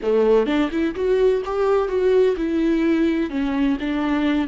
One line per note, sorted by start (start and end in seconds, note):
0.02 0.46 A3
0.46 0.70 D4
0.71 0.94 E4
0.95 1.42 F#4
1.45 1.88 G4
1.88 2.35 F#4
2.36 3.29 E4
3.29 3.77 C#4
3.80 4.47 D4